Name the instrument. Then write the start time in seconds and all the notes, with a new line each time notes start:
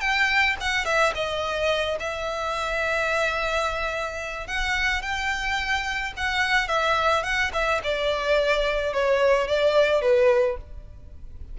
violin
0.00 G5
0.60 F#5
0.85 E5
1.14 D#5
1.99 E5
4.47 F#5
5.02 G5
6.16 F#5
6.67 E5
7.23 F#5
7.53 E5
7.83 D5
8.93 C#5
9.47 D5
10.01 B4